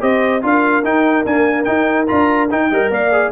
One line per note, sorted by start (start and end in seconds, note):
0.00 0.43 C4
0.00 0.41 G4
0.00 0.42 C5
0.00 0.43 D#5
0.42 0.83 D4
0.42 0.83 F4
0.42 2.69 A#4
0.42 0.84 F5
0.83 1.24 D#4
0.83 1.25 D#4
0.83 1.25 G5
1.25 1.65 A#3
1.25 1.66 D4
1.25 1.64 G#5
1.64 2.06 D#4
1.64 2.09 D#4
1.64 2.05 G5
2.07 2.51 D4
2.07 2.48 F4
2.07 2.48 A#5
2.50 2.71 D#4
2.50 2.92 G5
2.69 2.90 G3
2.69 3.12 A#4
2.69 2.89 D#5
2.90 3.31 A#3
2.90 3.31 D5
2.90 3.31 F5
3.12 3.31 G#4